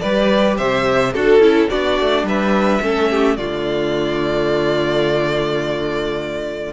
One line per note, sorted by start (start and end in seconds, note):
0.00 0.59 G3
0.00 1.15 G4
0.00 0.58 B4
0.00 0.56 D5
0.58 1.16 C3
0.58 1.13 C5
0.58 1.14 E5
1.13 1.39 D4
1.13 1.41 F#4
1.13 1.69 A4
1.13 1.70 A4
1.39 1.67 C#4
1.39 1.69 E4
1.69 2.00 B3
1.69 2.81 D4
1.69 2.26 F#4
1.69 2.26 D5
2.00 2.23 A3
2.23 2.79 G3
2.23 2.83 B4
2.23 3.37 E5
2.82 3.38 A3
2.82 3.38 C#4
2.82 3.11 A4
3.11 3.38 G4
3.37 6.73 D3
3.37 6.73 A3
3.37 6.73 F4
3.37 6.73 D5